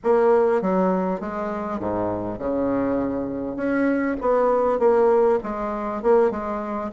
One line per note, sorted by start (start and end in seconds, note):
0.03 0.61 A#3
0.61 1.20 F#3
1.20 1.79 G#3
1.79 2.38 G#2
2.38 3.56 C#3
3.56 4.16 C#4
4.21 4.79 B3
4.79 5.39 A#3
5.43 6.02 G#3
6.02 6.30 A#3
6.30 6.90 G#3